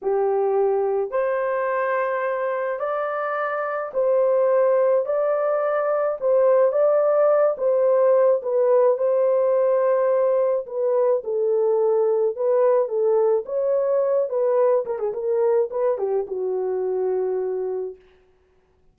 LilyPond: \new Staff \with { instrumentName = "horn" } { \time 4/4 \tempo 4 = 107 g'2 c''2~ | c''4 d''2 c''4~ | c''4 d''2 c''4 | d''4. c''4. b'4 |
c''2. b'4 | a'2 b'4 a'4 | cis''4. b'4 ais'16 gis'16 ais'4 | b'8 g'8 fis'2. | }